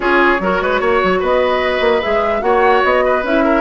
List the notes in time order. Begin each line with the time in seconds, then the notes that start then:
0.00 C#4 F4 G#4 C#5
0.40 F#3 F#4 A#4
0.61 G#3 B4
0.80 A#3 C#5
1.03 F#3
1.19 B3 B4 D#5
1.80 A#3
2.02 G#3 G#4 E5
2.40 A#3 F#4 C#5 F#5
2.84 B3 D#5
3.04 B4
3.23 C#4 E4 E5
3.44 A#4